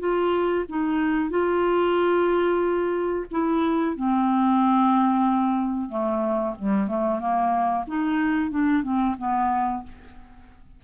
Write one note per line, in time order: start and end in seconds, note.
0.00 0.65 F4
0.69 1.30 D#4
1.30 3.26 F4
3.32 3.97 E4
3.97 5.90 C4
5.90 6.55 A3
6.59 6.88 G3
6.88 7.20 A3
7.20 7.85 A#3
7.88 8.51 D#4
8.51 8.83 D4
8.83 9.16 C4
9.18 9.84 B3